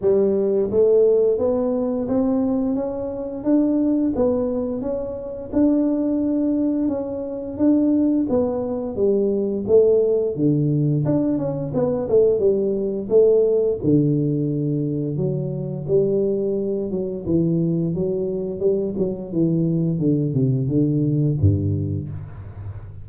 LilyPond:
\new Staff \with { instrumentName = "tuba" } { \time 4/4 \tempo 4 = 87 g4 a4 b4 c'4 | cis'4 d'4 b4 cis'4 | d'2 cis'4 d'4 | b4 g4 a4 d4 |
d'8 cis'8 b8 a8 g4 a4 | d2 fis4 g4~ | g8 fis8 e4 fis4 g8 fis8 | e4 d8 c8 d4 g,4 | }